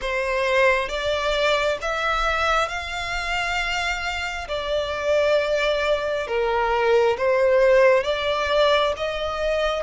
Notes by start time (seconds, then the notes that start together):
0.01 C5
0.88 D5
1.82 E5
2.68 F5
4.48 D5
6.27 A#4
7.17 C5
8.03 D5
8.96 D#5